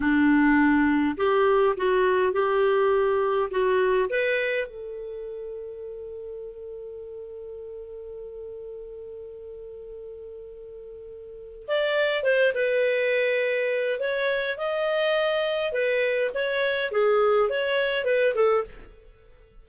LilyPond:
\new Staff \with { instrumentName = "clarinet" } { \time 4/4 \tempo 4 = 103 d'2 g'4 fis'4 | g'2 fis'4 b'4 | a'1~ | a'1~ |
a'1 | d''4 c''8 b'2~ b'8 | cis''4 dis''2 b'4 | cis''4 gis'4 cis''4 b'8 a'8 | }